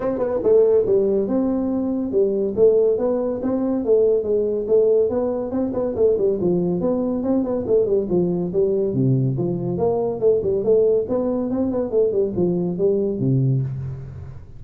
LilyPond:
\new Staff \with { instrumentName = "tuba" } { \time 4/4 \tempo 4 = 141 c'8 b8 a4 g4 c'4~ | c'4 g4 a4 b4 | c'4 a4 gis4 a4 | b4 c'8 b8 a8 g8 f4 |
b4 c'8 b8 a8 g8 f4 | g4 c4 f4 ais4 | a8 g8 a4 b4 c'8 b8 | a8 g8 f4 g4 c4 | }